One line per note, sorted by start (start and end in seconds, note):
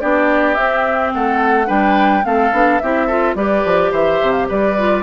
0.00 0.57 B3
0.00 0.56 D4
0.00 1.13 G4
0.00 0.54 D5
0.54 1.66 C4
0.54 1.13 C4
0.54 1.11 E5
1.13 1.69 A3
1.13 1.67 A4
1.13 1.69 F#5
1.66 2.25 G3
1.66 2.22 D4
1.66 2.23 B4
1.66 2.25 G5
2.24 2.52 A3
2.24 2.52 C4
2.24 2.82 A4
2.24 2.78 F5
2.52 2.80 B3
2.52 2.80 D4
2.78 3.35 C4
2.78 3.09 E4
2.78 3.06 G4
2.78 3.34 E5
3.06 3.36 F4
3.06 3.34 A4
3.35 3.63 G3
3.35 4.77 G4
3.35 3.91 B4
3.35 3.92 D5
3.65 3.91 F3
3.91 4.19 E3
3.91 4.47 C5
3.91 4.32 E5
4.22 4.50 C3
4.32 4.46 F5
4.48 5.03 G3
4.48 5.03 B4
4.48 5.03 D5
4.78 5.03 F4